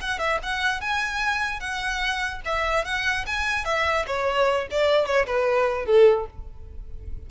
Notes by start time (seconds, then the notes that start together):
0.00 F#5
0.18 E5
0.43 F#5
0.81 G#5
1.60 F#5
2.45 E5
2.84 F#5
3.26 G#5
3.64 E5
4.06 C#5
4.70 D5
5.05 C#5
5.26 B4
5.85 A4